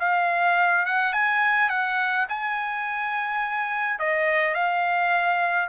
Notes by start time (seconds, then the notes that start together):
0.00 F5
0.86 F#5
1.13 G#5
1.69 F#5
2.29 G#5
3.99 D#5
4.55 F5